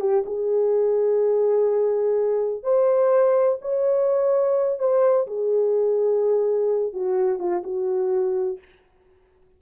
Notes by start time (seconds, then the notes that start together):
0.00 G4
0.26 G#4
2.63 C5
3.61 C#5
4.79 C5
5.27 G#4
6.93 F#4
7.39 F4
7.63 F#4